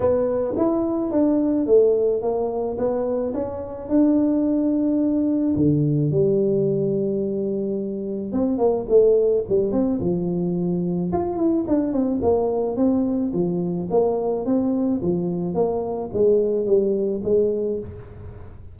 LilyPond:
\new Staff \with { instrumentName = "tuba" } { \time 4/4 \tempo 4 = 108 b4 e'4 d'4 a4 | ais4 b4 cis'4 d'4~ | d'2 d4 g4~ | g2. c'8 ais8 |
a4 g8 c'8 f2 | f'8 e'8 d'8 c'8 ais4 c'4 | f4 ais4 c'4 f4 | ais4 gis4 g4 gis4 | }